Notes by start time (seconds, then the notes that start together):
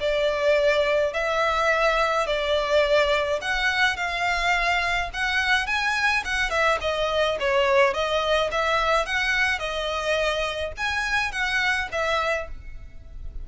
0.00 D5
1.13 E5
2.27 D5
3.41 F#5
3.96 F5
5.13 F#5
5.67 G#5
6.24 F#5
6.50 E5
6.81 D#5
7.40 C#5
7.94 D#5
8.51 E5
9.05 F#5
9.59 D#5
10.77 G#5
11.32 F#5
11.92 E5